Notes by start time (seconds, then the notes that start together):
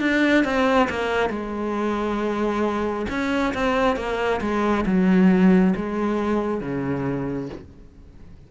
0.00 D4
0.45 C4
0.90 A#3
1.30 G#3
3.10 C#4
3.54 C4
3.97 A#3
4.41 G#3
4.86 F#3
5.76 G#3
6.61 C#3